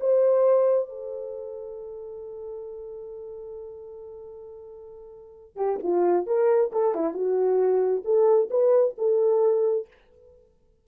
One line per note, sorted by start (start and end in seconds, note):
0.00 0.89 C5
0.89 5.56 A4
5.56 5.79 G4
5.83 6.27 F4
6.27 6.71 A#4
6.72 6.94 A4
6.94 7.14 E4
7.14 8.03 F#4
8.05 8.49 A4
8.50 8.95 B4
8.98 9.87 A4